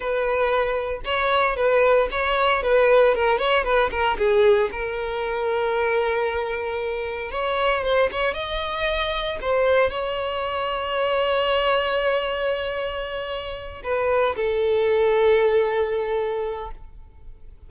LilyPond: \new Staff \with { instrumentName = "violin" } { \time 4/4 \tempo 4 = 115 b'2 cis''4 b'4 | cis''4 b'4 ais'8 cis''8 b'8 ais'8 | gis'4 ais'2.~ | ais'2 cis''4 c''8 cis''8 |
dis''2 c''4 cis''4~ | cis''1~ | cis''2~ cis''8 b'4 a'8~ | a'1 | }